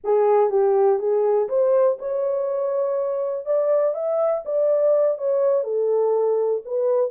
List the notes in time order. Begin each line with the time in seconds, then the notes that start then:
0.04 G#4
0.50 G4
0.99 G#4
1.48 C5
1.98 C#5
3.45 D5
3.94 E5
4.45 D5
5.18 C#5
5.63 A4
6.65 B4